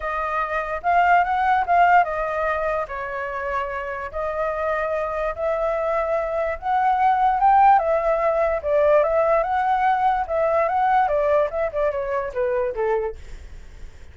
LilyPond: \new Staff \with { instrumentName = "flute" } { \time 4/4 \tempo 4 = 146 dis''2 f''4 fis''4 | f''4 dis''2 cis''4~ | cis''2 dis''2~ | dis''4 e''2. |
fis''2 g''4 e''4~ | e''4 d''4 e''4 fis''4~ | fis''4 e''4 fis''4 d''4 | e''8 d''8 cis''4 b'4 a'4 | }